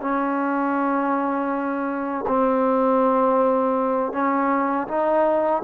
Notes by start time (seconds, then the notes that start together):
0.00 C#4
2.27 C4
4.12 C#4
4.87 D#4